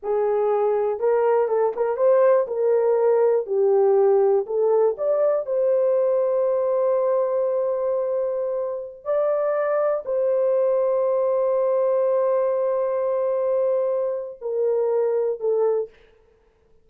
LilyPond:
\new Staff \with { instrumentName = "horn" } { \time 4/4 \tempo 4 = 121 gis'2 ais'4 a'8 ais'8 | c''4 ais'2 g'4~ | g'4 a'4 d''4 c''4~ | c''1~ |
c''2~ c''16 d''4.~ d''16~ | d''16 c''2.~ c''8.~ | c''1~ | c''4 ais'2 a'4 | }